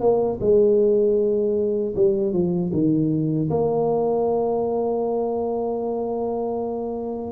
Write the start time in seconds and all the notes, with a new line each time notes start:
0.00 A#3
0.40 G#3
1.95 G3
2.33 F3
2.72 D#3
3.50 A#3